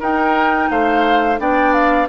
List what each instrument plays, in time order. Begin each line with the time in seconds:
0.00 bassoon D#4, clarinet D#4, oboe A#4, flute G5
0.70 bassoon A3, oboe C5, flute F5
1.39 bassoon B3, clarinet D4, oboe D5, flute G5
1.73 flute F5